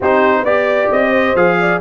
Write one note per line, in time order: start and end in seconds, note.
0.00 0.42 C4
0.00 0.45 D#4
0.00 0.43 G4
0.00 0.45 C5
0.42 0.88 B3
0.42 1.36 G4
0.42 1.10 D5
0.42 0.90 D5
0.91 1.34 C4
0.91 1.35 D#5
1.10 1.55 C5
1.34 1.80 F3
1.34 1.80 G#4
1.34 1.80 F5
1.60 1.80 D5